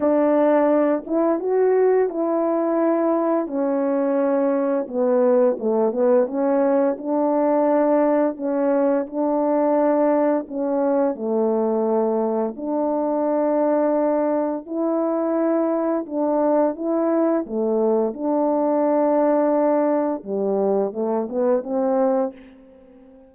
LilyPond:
\new Staff \with { instrumentName = "horn" } { \time 4/4 \tempo 4 = 86 d'4. e'8 fis'4 e'4~ | e'4 cis'2 b4 | a8 b8 cis'4 d'2 | cis'4 d'2 cis'4 |
a2 d'2~ | d'4 e'2 d'4 | e'4 a4 d'2~ | d'4 g4 a8 b8 c'4 | }